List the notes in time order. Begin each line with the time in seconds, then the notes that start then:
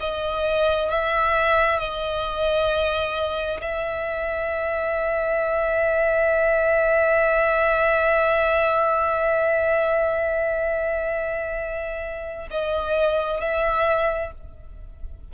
0.00 D#5
0.90 E5
1.79 D#5
3.61 E5
12.50 D#5
13.40 E5